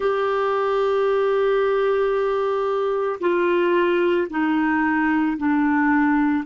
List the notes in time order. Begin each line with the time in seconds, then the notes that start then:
0.00 G4
3.20 F4
4.30 D#4
5.37 D4